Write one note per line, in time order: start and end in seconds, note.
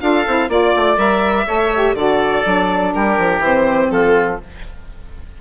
0.00 0.26 D4
0.00 0.24 F4
0.00 0.49 A4
0.00 0.49 F5
0.26 0.49 C4
0.26 0.49 E4
0.49 0.73 A#3
0.49 0.96 F4
0.49 1.46 D5
0.49 0.98 D5
0.76 0.97 A3
0.96 1.46 G3
0.96 1.45 A#4
0.96 1.95 E5
1.46 1.94 A3
1.46 1.72 A4
1.46 1.95 C#5
1.74 1.96 G4
1.94 2.43 D3
1.94 2.44 F#4
1.94 2.94 A4
1.94 2.92 D5
2.44 2.94 F#3
2.44 3.42 D4
2.93 3.18 G3
2.93 3.92 G4
2.93 3.42 A#4
3.18 3.39 F3
3.39 3.87 E3
3.39 4.41 C4
3.39 3.91 C5
3.90 4.39 F3
3.90 4.41 F4
3.90 4.39 A4